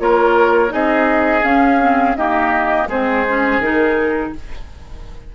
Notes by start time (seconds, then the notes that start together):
0.00 A#3 F4 A#4 C#5
0.70 C4 D#4 G#4 D#5
1.43 C#4 F5
1.81 C4
2.17 A#3 D#4 G4 D#5
2.88 G#3 C4 G#4 C5
3.29 C#4
3.59 D#3 D#4 A#4